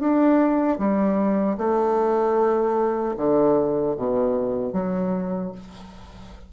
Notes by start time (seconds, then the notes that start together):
0.00 D4
0.79 G3
1.58 A3
3.17 D3
3.97 B2
4.73 F#3